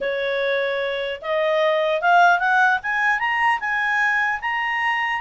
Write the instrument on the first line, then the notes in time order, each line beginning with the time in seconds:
clarinet
0.01 C#5
1.21 D#5
2.01 F5
2.39 F#5
2.82 G#5
3.19 A#5
3.60 G#5
4.41 A#5